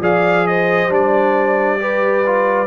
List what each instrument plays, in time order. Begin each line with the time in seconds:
0.00 tuba F3, trombone G#4, horn D5, trumpet F5
0.47 horn C5, trumpet D#5
0.89 tuba G3, trombone D4, trumpet D5
1.80 trombone G4, horn B4
2.26 trombone F4